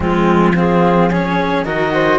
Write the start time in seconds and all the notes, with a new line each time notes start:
0.00 F3 G#3 C4 F4
0.55 C4 F4 G#4
1.09 C#4 G#4 C#5
1.64 D#3 F#4 A#4 D#5
1.93 C5